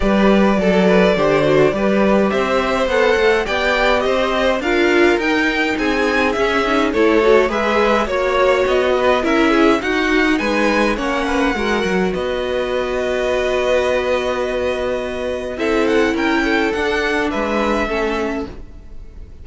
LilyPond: <<
  \new Staff \with { instrumentName = "violin" } { \time 4/4 \tempo 4 = 104 d''1 | e''4 fis''4 g''4 dis''4 | f''4 g''4 gis''4 e''4 | cis''4 e''4 cis''4 dis''4 |
e''4 fis''4 gis''4 fis''4~ | fis''4 dis''2.~ | dis''2. e''8 fis''8 | g''4 fis''4 e''2 | }
  \new Staff \with { instrumentName = "violin" } { \time 4/4 b'4 a'8 b'8 c''4 b'4 | c''2 d''4 c''4 | ais'2 gis'2 | a'4 b'4 cis''4. b'8 |
ais'8 gis'8 fis'4 b'4 cis''8 b'8 | ais'4 b'2.~ | b'2. a'4 | ais'8 a'4. b'4 a'4 | }
  \new Staff \with { instrumentName = "viola" } { \time 4/4 g'4 a'4 g'8 fis'8 g'4~ | g'4 a'4 g'2 | f'4 dis'2 cis'8 dis'8 | e'8 fis'8 gis'4 fis'2 |
e'4 dis'2 cis'4 | fis'1~ | fis'2. e'4~ | e'4 d'2 cis'4 | }
  \new Staff \with { instrumentName = "cello" } { \time 4/4 g4 fis4 d4 g4 | c'4 b8 a8 b4 c'4 | d'4 dis'4 c'4 cis'4 | a4 gis4 ais4 b4 |
cis'4 dis'4 gis4 ais4 | gis8 fis8 b2.~ | b2. c'4 | cis'4 d'4 gis4 a4 | }
>>